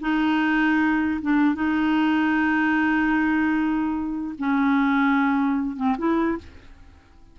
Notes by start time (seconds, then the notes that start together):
0.00 D#4
1.21 D4
1.55 D#4
4.38 C#4
5.76 C4
5.98 E4